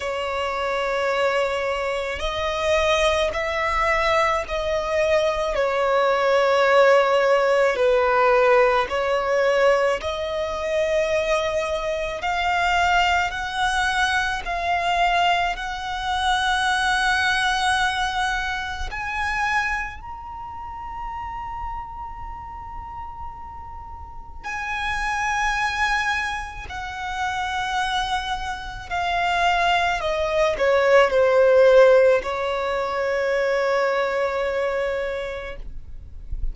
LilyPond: \new Staff \with { instrumentName = "violin" } { \time 4/4 \tempo 4 = 54 cis''2 dis''4 e''4 | dis''4 cis''2 b'4 | cis''4 dis''2 f''4 | fis''4 f''4 fis''2~ |
fis''4 gis''4 ais''2~ | ais''2 gis''2 | fis''2 f''4 dis''8 cis''8 | c''4 cis''2. | }